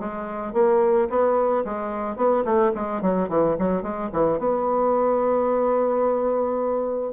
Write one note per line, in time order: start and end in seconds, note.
0.00 0.54 G#3
0.54 1.09 A#3
1.10 1.65 B3
1.65 2.17 G#3
2.17 2.44 B3
2.45 2.72 A3
2.75 3.02 G#3
3.02 3.29 F#3
3.29 3.57 E3
3.59 3.83 F#3
3.83 4.10 G#3
4.13 4.39 E3
4.39 7.13 B3